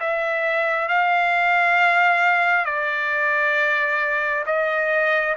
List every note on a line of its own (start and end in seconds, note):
0.00 0.88 E5
0.88 2.65 F5
2.65 4.45 D5
4.46 5.36 D#5